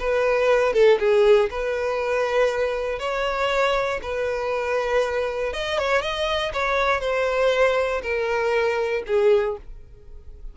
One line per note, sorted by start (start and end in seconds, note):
0.00 0.73 B4
0.73 0.99 A4
0.99 1.50 G#4
1.51 3.00 B4
3.00 4.00 C#5
4.03 5.53 B4
5.53 5.79 D#5
5.79 6.02 C#5
6.02 6.52 D#5
6.54 7.01 C#5
7.01 8.02 C5
8.03 9.04 A#4
9.07 9.58 G#4